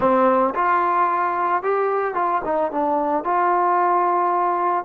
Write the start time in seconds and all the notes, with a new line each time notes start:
0.00 C4
0.54 F4
1.62 G4
2.14 F4
2.44 D#4
2.71 D4
3.24 F4